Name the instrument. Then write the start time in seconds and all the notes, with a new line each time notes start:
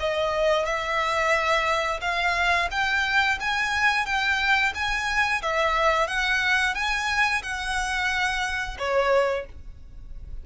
violin
0.00 D#5
0.66 E5
2.01 F5
2.71 G5
3.40 G#5
4.06 G5
4.75 G#5
5.42 E5
6.08 F#5
6.75 G#5
7.42 F#5
8.79 C#5